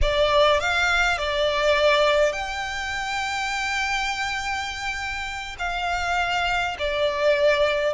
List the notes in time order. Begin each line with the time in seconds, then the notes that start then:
0.01 D5
0.59 F5
1.18 D5
2.32 G5
5.59 F5
6.78 D5